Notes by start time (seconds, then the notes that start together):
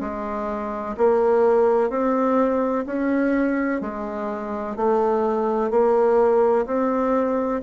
0.00 G#3
0.97 A#3
1.90 C4
2.86 C#4
3.81 G#3
4.76 A3
5.70 A#3
6.66 C4